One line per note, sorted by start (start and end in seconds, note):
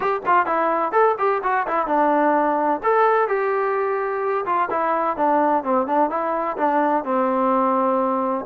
0.00 0.21 G4
0.26 0.46 F4
0.46 0.92 E4
0.92 1.15 A4
1.18 1.41 G4
1.43 1.66 F#4
1.67 1.86 E4
1.86 2.80 D4
2.83 3.27 A4
3.27 4.45 G4
4.45 4.69 F4
4.70 5.16 E4
5.16 5.63 D4
5.63 5.86 C4
5.86 6.10 D4
6.10 6.56 E4
6.57 7.04 D4
7.04 8.45 C4